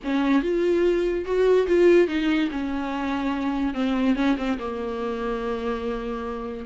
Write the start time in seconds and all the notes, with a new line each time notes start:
0.04 C#4
0.42 F4
1.25 F#4
1.67 F4
2.07 D#4
2.51 C#4
3.74 C4
4.15 C#4
4.37 C4
4.58 A#3